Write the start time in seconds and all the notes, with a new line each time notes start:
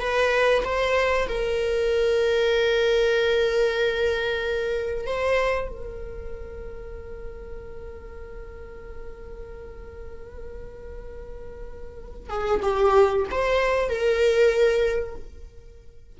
0.00 B4
0.64 C5
1.28 A#4
5.06 C5
5.68 A#4
12.29 G#4
12.62 G4
13.31 C5
13.89 A#4